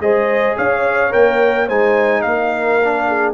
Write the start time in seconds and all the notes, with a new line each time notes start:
0.00 G#3 G#4 C5 D#5
0.57 C#4 C#5 F5
1.11 A#3 A#4 G5
1.67 G#3 D#4 C5 G#5
2.22 A#3 A#4 F5
2.84 D4
3.08 G#4